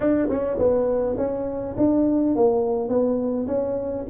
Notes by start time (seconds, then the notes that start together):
0.00 D4
0.29 C#4
0.58 B3
1.17 C#4
1.77 D4
2.35 A#3
2.88 B3
3.47 C#4